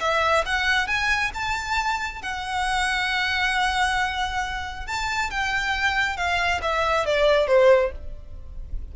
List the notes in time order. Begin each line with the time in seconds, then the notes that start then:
0.00 E5
0.46 F#5
0.87 G#5
1.34 A5
2.22 F#5
4.86 A5
5.31 G5
6.17 F5
6.62 E5
7.05 D5
7.47 C5